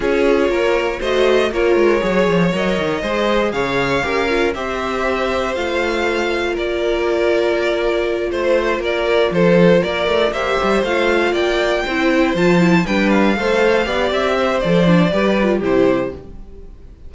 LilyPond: <<
  \new Staff \with { instrumentName = "violin" } { \time 4/4 \tempo 4 = 119 cis''2 dis''4 cis''4~ | cis''4 dis''2 f''4~ | f''4 e''2 f''4~ | f''4 d''2.~ |
d''8 c''4 d''4 c''4 d''8~ | d''8 e''4 f''4 g''4.~ | g''8 a''4 g''8 f''2 | e''4 d''2 c''4 | }
  \new Staff \with { instrumentName = "violin" } { \time 4/4 gis'4 ais'4 c''4 ais'4 | cis''2 c''4 cis''4 | ais'4 c''2.~ | c''4 ais'2.~ |
ais'8 c''4 ais'4 a'4 ais'8~ | ais'8 c''2 d''4 c''8~ | c''4. b'4 c''4 d''8~ | d''8 c''4. b'4 g'4 | }
  \new Staff \with { instrumentName = "viola" } { \time 4/4 f'2 fis'4 f'4 | gis'4 ais'4 gis'2 | g'8 f'8 g'2 f'4~ | f'1~ |
f'1~ | f'8 g'4 f'2 e'8~ | e'8 f'8 e'8 d'4 a'4 g'8~ | g'4 a'8 d'8 g'8 f'8 e'4 | }
  \new Staff \with { instrumentName = "cello" } { \time 4/4 cis'4 ais4 a4 ais8 gis8 | fis8 f8 fis8 dis8 gis4 cis4 | cis'4 c'2 a4~ | a4 ais2.~ |
ais8 a4 ais4 f4 ais8 | a8 ais8 g8 a4 ais4 c'8~ | c'8 f4 g4 a4 b8 | c'4 f4 g4 c4 | }
>>